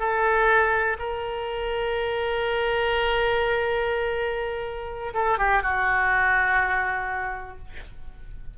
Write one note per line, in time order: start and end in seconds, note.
0.00 0.98 A4
0.99 5.14 A#4
5.14 5.38 A4
5.38 5.63 G4
5.63 7.58 F#4